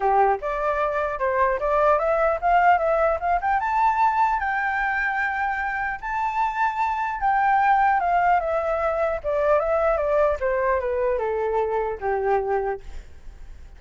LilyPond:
\new Staff \with { instrumentName = "flute" } { \time 4/4 \tempo 4 = 150 g'4 d''2 c''4 | d''4 e''4 f''4 e''4 | f''8 g''8 a''2 g''4~ | g''2. a''4~ |
a''2 g''2 | f''4 e''2 d''4 | e''4 d''4 c''4 b'4 | a'2 g'2 | }